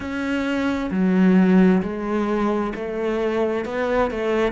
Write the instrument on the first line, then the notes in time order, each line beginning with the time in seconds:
cello
0.00 C#4
0.90 F#3
1.82 G#3
2.75 A3
3.65 B3
4.10 A3